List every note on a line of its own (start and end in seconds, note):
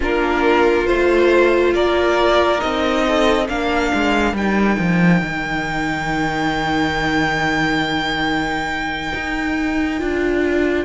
0.00 0.87 A#3
0.00 0.86 D4
0.00 1.72 F4
0.00 0.86 A#4
0.86 1.74 A3
0.86 2.58 F4
0.86 1.73 C5
1.74 2.61 A#3
1.74 3.05 A#4
1.74 2.60 D5
2.58 3.48 C4
2.58 3.45 D#4
2.58 3.47 D#5
3.07 3.46 A4
3.46 3.91 A#3
3.46 4.36 D4
3.46 10.85 A#4
3.46 4.36 F5
3.93 4.33 G#3
4.33 4.76 G3
4.33 9.99 D#4
4.33 10.85 G5
4.78 5.21 F3
5.21 9.12 D#3
9.14 10.01 D#4
9.99 10.85 D4
9.99 10.85 F4